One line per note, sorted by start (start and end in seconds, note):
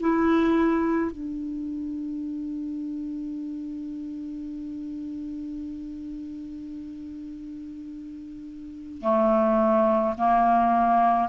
0.00 1.11 E4
1.11 9.01 D4
9.01 10.14 A3
10.18 11.28 A#3